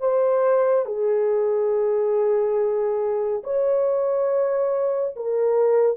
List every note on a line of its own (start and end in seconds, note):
0.00 0.85 C5
0.85 3.42 G#4
3.44 5.15 C#5
5.16 5.97 A#4